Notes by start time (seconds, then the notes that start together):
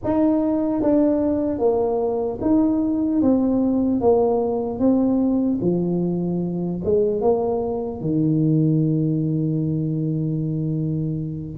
0.04 D#4
0.82 D4
1.59 A#3
2.41 D#4
3.21 C4
4.00 A#3
4.79 C4
5.61 F3
6.84 G#3
7.21 A#3
8.00 D#3